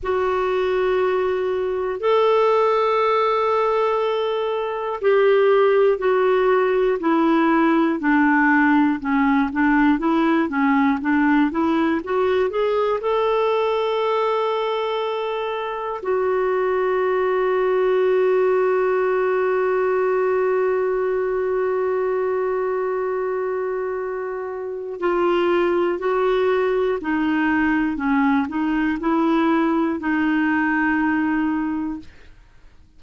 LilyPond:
\new Staff \with { instrumentName = "clarinet" } { \time 4/4 \tempo 4 = 60 fis'2 a'2~ | a'4 g'4 fis'4 e'4 | d'4 cis'8 d'8 e'8 cis'8 d'8 e'8 | fis'8 gis'8 a'2. |
fis'1~ | fis'1~ | fis'4 f'4 fis'4 dis'4 | cis'8 dis'8 e'4 dis'2 | }